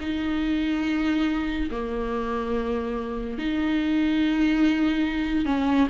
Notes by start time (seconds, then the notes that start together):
0.00 D#4
1.71 A#3
3.38 D#4
5.45 C#4